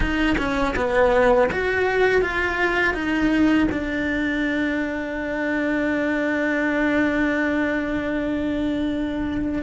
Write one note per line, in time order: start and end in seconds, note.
0.00 0.36 D#4
0.37 0.74 C#4
0.75 1.49 B3
1.51 2.21 F#4
2.21 2.94 F4
2.94 3.68 D#4
3.71 9.62 D4